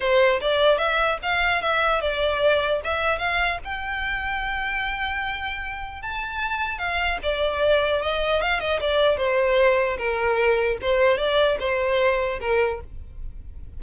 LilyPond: \new Staff \with { instrumentName = "violin" } { \time 4/4 \tempo 4 = 150 c''4 d''4 e''4 f''4 | e''4 d''2 e''4 | f''4 g''2.~ | g''2. a''4~ |
a''4 f''4 d''2 | dis''4 f''8 dis''8 d''4 c''4~ | c''4 ais'2 c''4 | d''4 c''2 ais'4 | }